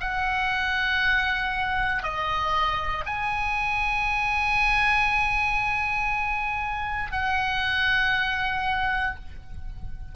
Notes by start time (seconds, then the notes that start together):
0.00 F#5
2.02 D#5
3.06 G#5
7.12 F#5